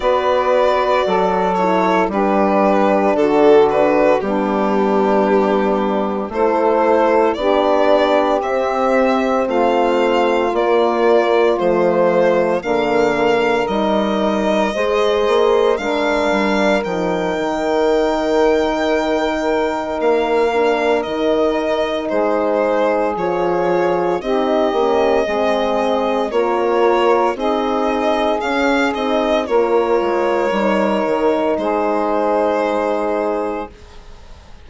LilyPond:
<<
  \new Staff \with { instrumentName = "violin" } { \time 4/4 \tempo 4 = 57 d''4. cis''8 b'4 a'8 b'8 | g'2 c''4 d''4 | e''4 f''4 d''4 c''4 | f''4 dis''2 f''4 |
g''2. f''4 | dis''4 c''4 cis''4 dis''4~ | dis''4 cis''4 dis''4 f''8 dis''8 | cis''2 c''2 | }
  \new Staff \with { instrumentName = "saxophone" } { \time 4/4 b'4 a'4 g'4 fis'4 | d'2 a'4 g'4~ | g'4 f'2. | ais'2 c''4 ais'4~ |
ais'1~ | ais'4 gis'2 g'4 | gis'4 ais'4 gis'2 | ais'2 gis'2 | }
  \new Staff \with { instrumentName = "horn" } { \time 4/4 fis'4. e'8 d'2 | b2 e'4 d'4 | c'2 ais4 a4 | ais4 dis'4 gis'4 d'4 |
dis'2.~ dis'8 d'8 | dis'2 f'4 dis'8 cis'8 | c'4 f'4 dis'4 cis'8 dis'8 | f'4 dis'2. | }
  \new Staff \with { instrumentName = "bassoon" } { \time 4/4 b4 fis4 g4 d4 | g2 a4 b4 | c'4 a4 ais4 f4 | d4 g4 gis8 ais8 gis8 g8 |
f8 dis2~ dis8 ais4 | dis4 gis4 f4 c'8 ais8 | gis4 ais4 c'4 cis'8 c'8 | ais8 gis8 g8 dis8 gis2 | }
>>